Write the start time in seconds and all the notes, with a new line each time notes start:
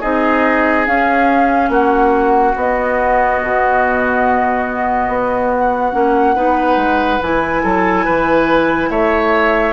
0.00 C4 D#4 G#4 D#5
0.86 C#4 F5
1.69 A#3 F#4 F#5
2.55 B3 D#5
3.42 B2
5.08 B3
5.53 F#5
5.92 A#3 C#4
6.35 B3 D#4 B4
6.76 G#3
7.21 E3 E4 G#5
7.63 F#3 A4
8.05 E3 B4
8.89 A3 C#5 E5